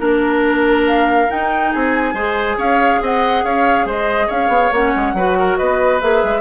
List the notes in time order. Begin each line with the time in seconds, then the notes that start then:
0.00 A#3 D4 A#4
0.88 F5
1.29 D#4 G5
1.72 C4 G#4 G#5
2.14 G#3 G#4 C5
2.58 C#4 C#5 F5
3.01 C4 D#5 F#5
3.44 C#4 C#5 F5
3.85 G#3 C5 D#5
4.27 C#4 C#5 F5
4.49 B3
4.72 A#3 C#4 F#5
4.96 G#3
5.14 F#3 F#4 B4
5.39 A#4
5.57 B3 B4 D#5
6.01 A#3 G#4 E5
6.24 G#3